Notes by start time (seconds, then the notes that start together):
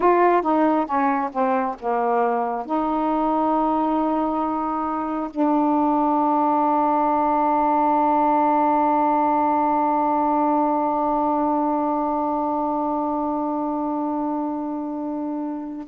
0.00 F4
0.42 D#4
0.86 C#4
1.32 C4
1.79 A#3
2.65 D#4
5.30 D4